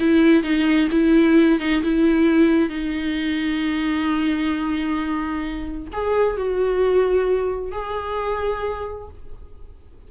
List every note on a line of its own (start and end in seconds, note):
0.00 0.43 E4
0.43 0.89 D#4
0.92 1.60 E4
1.60 1.83 D#4
1.83 2.69 E4
2.69 5.88 D#4
5.93 6.37 G#4
6.37 7.72 F#4
7.72 9.08 G#4